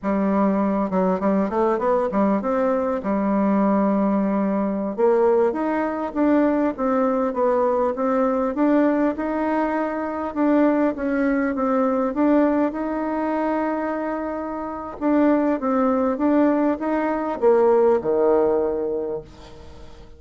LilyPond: \new Staff \with { instrumentName = "bassoon" } { \time 4/4 \tempo 4 = 100 g4. fis8 g8 a8 b8 g8 | c'4 g2.~ | g16 ais4 dis'4 d'4 c'8.~ | c'16 b4 c'4 d'4 dis'8.~ |
dis'4~ dis'16 d'4 cis'4 c'8.~ | c'16 d'4 dis'2~ dis'8.~ | dis'4 d'4 c'4 d'4 | dis'4 ais4 dis2 | }